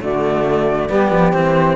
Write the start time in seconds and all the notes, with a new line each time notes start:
0.00 D3 A3 F#4 D5
0.88 G3 B3 G4
1.11 F3
1.33 E3 C4 C5